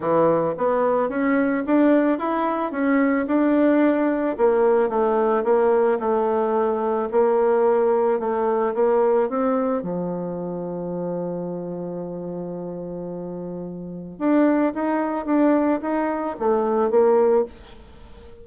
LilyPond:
\new Staff \with { instrumentName = "bassoon" } { \time 4/4 \tempo 4 = 110 e4 b4 cis'4 d'4 | e'4 cis'4 d'2 | ais4 a4 ais4 a4~ | a4 ais2 a4 |
ais4 c'4 f2~ | f1~ | f2 d'4 dis'4 | d'4 dis'4 a4 ais4 | }